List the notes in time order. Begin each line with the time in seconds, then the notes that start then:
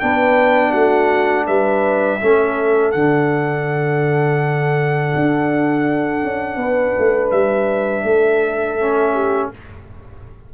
0.00 B3 D4 B4 G5
0.70 A3 F#4 F#5
1.47 G3 B4 E5
2.21 A3 C#4 A4
2.91 D3 D4 F#5
5.15 D4
6.23 C#4
6.56 B3 B4
6.98 A3
7.31 G3 E5
8.04 A3 A4
8.81 C#4
9.14 G4